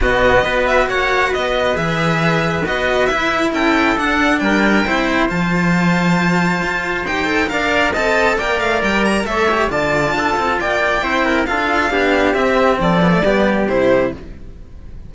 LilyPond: <<
  \new Staff \with { instrumentName = "violin" } { \time 4/4 \tempo 4 = 136 dis''4. e''8 fis''4 dis''4 | e''2 dis''4 e''4 | g''4 fis''4 g''2 | a''1 |
g''4 f''4 a''4 g''8 f''8 | g''8 ais''8 e''4 a''2 | g''2 f''2 | e''4 d''2 c''4 | }
  \new Staff \with { instrumentName = "trumpet" } { \time 4/4 fis'4 b'4 cis''4 b'4~ | b'1 | a'2 ais'4 c''4~ | c''1~ |
c''4 d''4 dis''4 d''4~ | d''4 cis''4 d''4 a'4 | d''4 c''8 ais'8 a'4 g'4~ | g'4 a'4 g'2 | }
  \new Staff \with { instrumentName = "cello" } { \time 4/4 b4 fis'2. | gis'2 fis'4 e'4~ | e'4 d'2 e'4 | f'1 |
g'8 a'8 ais'4 a'4 ais'4~ | ais'4 a'8 g'8 f'2~ | f'4 e'4 f'4 d'4 | c'4. b16 a16 b4 e'4 | }
  \new Staff \with { instrumentName = "cello" } { \time 4/4 b,4 b4 ais4 b4 | e2 b4 e'4 | cis'4 d'4 g4 c'4 | f2. f'4 |
dis'4 d'4 c'4 ais8 a8 | g4 a4 d4 d'8 c'8 | ais4 c'4 d'4 b4 | c'4 f4 g4 c4 | }
>>